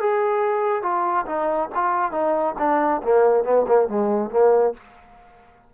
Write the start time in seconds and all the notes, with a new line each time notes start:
0.00 G#4
0.82 F4
1.26 D#4
1.75 F4
2.12 D#4
2.58 D4
3.03 A#3
3.44 B3
3.67 A#3
3.88 G#3
4.30 A#3